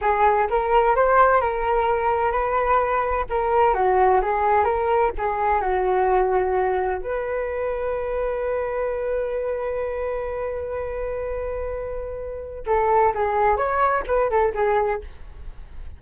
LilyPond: \new Staff \with { instrumentName = "flute" } { \time 4/4 \tempo 4 = 128 gis'4 ais'4 c''4 ais'4~ | ais'4 b'2 ais'4 | fis'4 gis'4 ais'4 gis'4 | fis'2. b'4~ |
b'1~ | b'1~ | b'2. a'4 | gis'4 cis''4 b'8 a'8 gis'4 | }